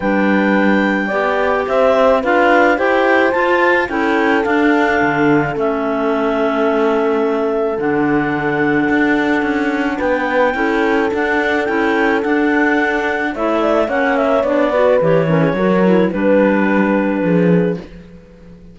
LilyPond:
<<
  \new Staff \with { instrumentName = "clarinet" } { \time 4/4 \tempo 4 = 108 g''2. e''4 | f''4 g''4 a''4 g''4 | f''2 e''2~ | e''2 fis''2~ |
fis''2 g''2 | fis''4 g''4 fis''2 | e''4 fis''8 e''8 d''4 cis''4~ | cis''4 b'2. | }
  \new Staff \with { instrumentName = "horn" } { \time 4/4 b'2 d''4 c''4 | b'4 c''2 a'4~ | a'1~ | a'1~ |
a'2 b'4 a'4~ | a'1 | cis''8 d''8 cis''4. b'4 ais'16 gis'16 | ais'4 b'2 gis'4 | }
  \new Staff \with { instrumentName = "clarinet" } { \time 4/4 d'2 g'2 | f'4 g'4 f'4 e'4 | d'2 cis'2~ | cis'2 d'2~ |
d'2. e'4 | d'4 e'4 d'2 | e'4 cis'4 d'8 fis'8 g'8 cis'8 | fis'8 e'8 d'2. | }
  \new Staff \with { instrumentName = "cello" } { \time 4/4 g2 b4 c'4 | d'4 e'4 f'4 cis'4 | d'4 d4 a2~ | a2 d2 |
d'4 cis'4 b4 cis'4 | d'4 cis'4 d'2 | a4 ais4 b4 e4 | fis4 g2 f4 | }
>>